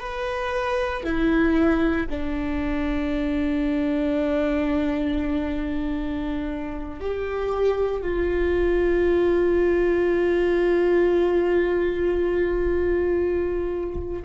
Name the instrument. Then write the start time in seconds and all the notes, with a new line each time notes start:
viola
0.00 B4
1.03 E4
2.10 D4
7.00 G4
8.02 F4